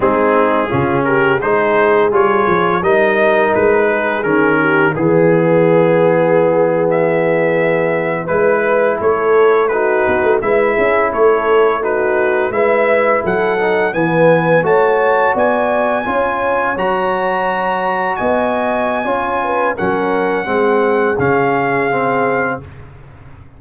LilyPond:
<<
  \new Staff \with { instrumentName = "trumpet" } { \time 4/4 \tempo 4 = 85 gis'4. ais'8 c''4 cis''4 | dis''4 b'4 ais'4 gis'4~ | gis'4.~ gis'16 e''2 b'16~ | b'8. cis''4 b'4 e''4 cis''16~ |
cis''8. b'4 e''4 fis''4 gis''16~ | gis''8. a''4 gis''2 ais''16~ | ais''4.~ ais''16 gis''2~ gis''16 | fis''2 f''2 | }
  \new Staff \with { instrumentName = "horn" } { \time 4/4 dis'4 f'8 g'8 gis'2 | ais'4. gis'4 g'8 gis'4~ | gis'2.~ gis'8. b'16~ | b'8. a'4 fis'4 b'8 gis'8 a'16~ |
a'8. fis'4 b'4 a'4 b'16~ | b'8. cis''4 d''4 cis''4~ cis''16~ | cis''4.~ cis''16 dis''4~ dis''16 cis''8 b'8 | ais'4 gis'2. | }
  \new Staff \with { instrumentName = "trombone" } { \time 4/4 c'4 cis'4 dis'4 f'4 | dis'2 cis'4 b4~ | b2.~ b8. e'16~ | e'4.~ e'16 dis'4 e'4~ e'16~ |
e'8. dis'4 e'4. dis'8 b16~ | b8. fis'2 f'4 fis'16~ | fis'2. f'4 | cis'4 c'4 cis'4 c'4 | }
  \new Staff \with { instrumentName = "tuba" } { \time 4/4 gis4 cis4 gis4 g8 f8 | g4 gis4 dis4 e4~ | e2.~ e8. gis16~ | gis8. a4. b16 a16 gis8 cis'8 a16~ |
a4.~ a16 gis4 fis4 e16~ | e8. a4 b4 cis'4 fis16~ | fis4.~ fis16 b4~ b16 cis'4 | fis4 gis4 cis2 | }
>>